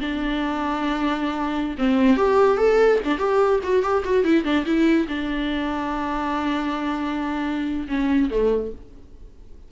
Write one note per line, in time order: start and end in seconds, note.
0.00 1.76 D4
1.78 2.17 C4
2.17 2.57 G4
2.57 2.99 A4
3.05 3.18 D4
3.18 3.60 G4
3.63 3.83 F#4
3.83 4.03 G4
4.05 4.24 F#4
4.24 4.44 E4
4.44 4.65 D4
4.66 5.07 E4
5.08 7.87 D4
7.88 8.30 C#4
8.30 8.72 A3